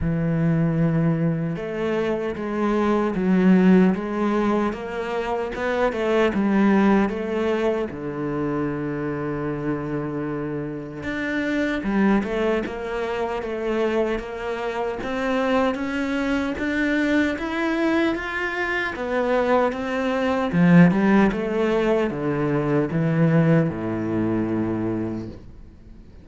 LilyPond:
\new Staff \with { instrumentName = "cello" } { \time 4/4 \tempo 4 = 76 e2 a4 gis4 | fis4 gis4 ais4 b8 a8 | g4 a4 d2~ | d2 d'4 g8 a8 |
ais4 a4 ais4 c'4 | cis'4 d'4 e'4 f'4 | b4 c'4 f8 g8 a4 | d4 e4 a,2 | }